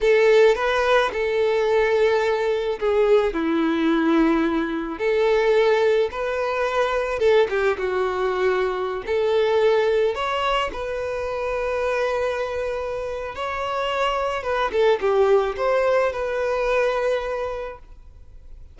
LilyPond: \new Staff \with { instrumentName = "violin" } { \time 4/4 \tempo 4 = 108 a'4 b'4 a'2~ | a'4 gis'4 e'2~ | e'4 a'2 b'4~ | b'4 a'8 g'8 fis'2~ |
fis'16 a'2 cis''4 b'8.~ | b'1 | cis''2 b'8 a'8 g'4 | c''4 b'2. | }